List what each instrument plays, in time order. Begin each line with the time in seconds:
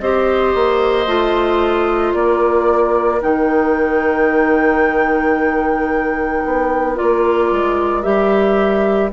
0.00 bassoon C4, clarinet G4, oboe C5, flute D#5
0.54 bassoon A#3
1.06 bassoon A3, clarinet F4
2.14 bassoon A#3, oboe A#4, flute D5
3.20 bassoon D#3, clarinet D#4, flute G5
6.44 bassoon B3
6.96 bassoon A#3, clarinet F4, flute D5
7.51 bassoon G#3
8.02 bassoon G3, clarinet G4, flute E5